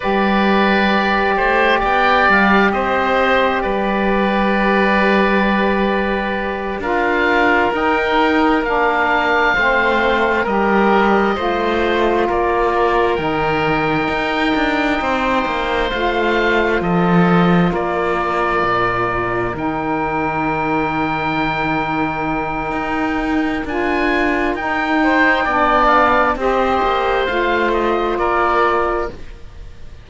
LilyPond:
<<
  \new Staff \with { instrumentName = "oboe" } { \time 4/4 \tempo 4 = 66 d''2 g''8 f''8 dis''4 | d''2.~ d''8 f''8~ | f''8 g''4 f''2 dis''8~ | dis''4. d''4 g''4.~ |
g''4. f''4 dis''4 d''8~ | d''4. g''2~ g''8~ | g''2 gis''4 g''4~ | g''8 f''8 dis''4 f''8 dis''8 d''4 | }
  \new Staff \with { instrumentName = "oboe" } { \time 4/4 b'4. c''8 d''4 c''4 | b'2.~ b'8 ais'8~ | ais'2~ ais'8 c''4 ais'8~ | ais'8 c''4 ais'2~ ais'8~ |
ais'8 c''2 a'4 ais'8~ | ais'1~ | ais'2.~ ais'8 c''8 | d''4 c''2 ais'4 | }
  \new Staff \with { instrumentName = "saxophone" } { \time 4/4 g'1~ | g'2.~ g'8 f'8~ | f'8 dis'4 d'4 c'4 g'8~ | g'8 f'2 dis'4.~ |
dis'4. f'2~ f'8~ | f'4. dis'2~ dis'8~ | dis'2 f'4 dis'4 | d'4 g'4 f'2 | }
  \new Staff \with { instrumentName = "cello" } { \time 4/4 g4. a8 b8 g8 c'4 | g2.~ g8 d'8~ | d'8 dis'4 ais4 a4 g8~ | g8 a4 ais4 dis4 dis'8 |
d'8 c'8 ais8 a4 f4 ais8~ | ais8 ais,4 dis2~ dis8~ | dis4 dis'4 d'4 dis'4 | b4 c'8 ais8 a4 ais4 | }
>>